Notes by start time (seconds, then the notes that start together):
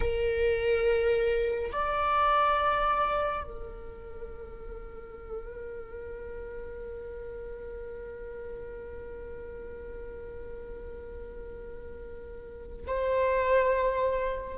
0.00 A#4
1.72 D5
3.43 A#4
12.87 C5